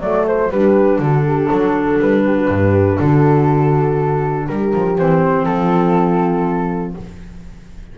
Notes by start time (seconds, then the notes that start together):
0.00 F#3 A3 A4 D5
0.27 C5
0.50 G3 D4 G4 B4
0.98 D3 F#4 A4
1.26 G4
1.49 F#3 A4
1.99 G3 B4
2.26 G4
2.35 F#4
2.48 G2 G4
2.98 D3 F#4 A4
4.47 G3 G4 A#4
4.74 F3
4.98 E3 C4 C5
5.45 F3 F4 A4